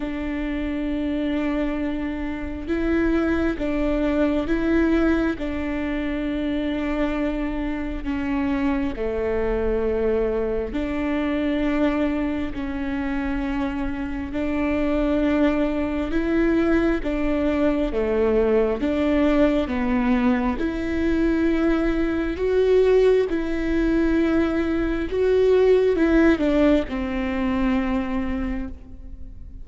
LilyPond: \new Staff \with { instrumentName = "viola" } { \time 4/4 \tempo 4 = 67 d'2. e'4 | d'4 e'4 d'2~ | d'4 cis'4 a2 | d'2 cis'2 |
d'2 e'4 d'4 | a4 d'4 b4 e'4~ | e'4 fis'4 e'2 | fis'4 e'8 d'8 c'2 | }